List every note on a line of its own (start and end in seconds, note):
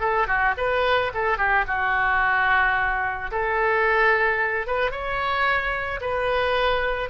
0.00 0.27 A4
0.27 0.54 F#4
0.57 1.12 B4
1.14 1.37 A4
1.37 1.65 G4
1.67 3.30 F#4
3.31 4.66 A4
4.66 4.91 B4
4.91 6.00 C#5
6.01 7.09 B4